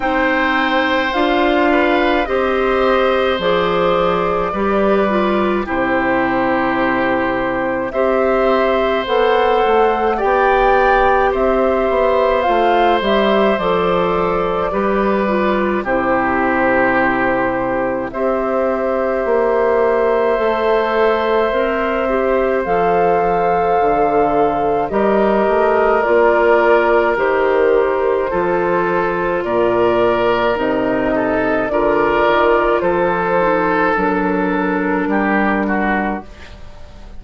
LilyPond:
<<
  \new Staff \with { instrumentName = "flute" } { \time 4/4 \tempo 4 = 53 g''4 f''4 dis''4 d''4~ | d''4 c''2 e''4 | fis''4 g''4 e''4 f''8 e''8 | d''2 c''2 |
e''1 | f''2 dis''4 d''4 | c''2 d''4 dis''4 | d''4 c''4 ais'2 | }
  \new Staff \with { instrumentName = "oboe" } { \time 4/4 c''4. b'8 c''2 | b'4 g'2 c''4~ | c''4 d''4 c''2~ | c''4 b'4 g'2 |
c''1~ | c''2 ais'2~ | ais'4 a'4 ais'4. a'8 | ais'4 a'2 g'8 fis'8 | }
  \new Staff \with { instrumentName = "clarinet" } { \time 4/4 dis'4 f'4 g'4 gis'4 | g'8 f'8 e'2 g'4 | a'4 g'2 f'8 g'8 | a'4 g'8 f'8 e'2 |
g'2 a'4 ais'8 g'8 | a'2 g'4 f'4 | g'4 f'2 dis'4 | f'4. dis'8 d'2 | }
  \new Staff \with { instrumentName = "bassoon" } { \time 4/4 c'4 d'4 c'4 f4 | g4 c2 c'4 | b8 a8 b4 c'8 b8 a8 g8 | f4 g4 c2 |
c'4 ais4 a4 c'4 | f4 d4 g8 a8 ais4 | dis4 f4 ais,4 c4 | d8 dis8 f4 fis4 g4 | }
>>